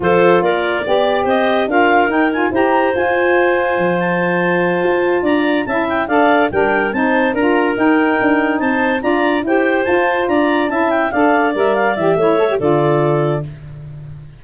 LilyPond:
<<
  \new Staff \with { instrumentName = "clarinet" } { \time 4/4 \tempo 4 = 143 c''4 d''2 dis''4 | f''4 g''8 gis''8 ais''4 gis''4~ | gis''4. a''2~ a''8~ | a''8 ais''4 a''8 g''8 f''4 g''8~ |
g''8 a''4 ais''4 g''4.~ | g''8 a''4 ais''4 g''4 a''8~ | a''8 ais''4 a''8 g''8 f''4 e''8 | f''8 e''4. d''2 | }
  \new Staff \with { instrumentName = "clarinet" } { \time 4/4 a'4 ais'4 d''4 c''4 | ais'2 c''2~ | c''1~ | c''8 d''4 e''4 d''4 ais'8~ |
ais'8 c''4 ais'2~ ais'8~ | ais'8 c''4 d''4 c''4.~ | c''8 d''4 e''4 d''4.~ | d''4 cis''4 a'2 | }
  \new Staff \with { instrumentName = "saxophone" } { \time 4/4 f'2 g'2 | f'4 dis'8 f'8 g'4 f'4~ | f'1~ | f'4. e'4 a'4 d'8~ |
d'8 dis'4 f'4 dis'4.~ | dis'4. f'4 g'4 f'8~ | f'4. e'4 a'4 ais'8~ | ais'8 g'8 e'8 a'16 g'16 f'2 | }
  \new Staff \with { instrumentName = "tuba" } { \time 4/4 f4 ais4 b4 c'4 | d'4 dis'4 e'4 f'4~ | f'4 f2~ f8 f'8~ | f'8 d'4 cis'4 d'4 g8~ |
g8 c'4 d'4 dis'4 d'8~ | d'8 c'4 d'4 e'4 f'8~ | f'8 d'4 cis'4 d'4 g8~ | g8 e8 a4 d2 | }
>>